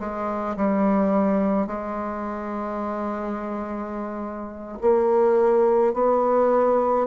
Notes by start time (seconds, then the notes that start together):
0.00 G#3
0.57 G3
1.67 G#3
4.82 A#3
5.94 B3